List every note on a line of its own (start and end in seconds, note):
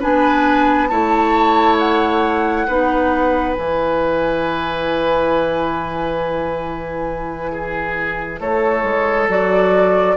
0.00 0.92 B3
0.00 0.90 D4
0.00 0.88 B4
0.00 0.88 G#5
0.88 2.68 A3
0.88 2.67 E4
0.88 2.67 C#5
0.88 1.77 A5
1.79 3.54 F#5
2.67 3.57 B3
2.67 3.56 D#4
2.67 7.52 B4
3.54 8.41 E3
3.54 9.29 E4
3.54 8.39 G#5
7.52 8.40 G#4
8.40 8.84 A3
8.40 10.17 A4
8.40 9.29 C#5
8.84 9.28 G#3
9.28 10.17 F#3
9.28 10.17 F#4
9.28 10.17 D5